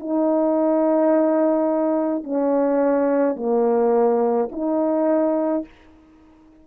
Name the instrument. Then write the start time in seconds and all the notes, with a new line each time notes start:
horn
0.00 D#4
2.24 C#4
3.37 A#3
4.52 D#4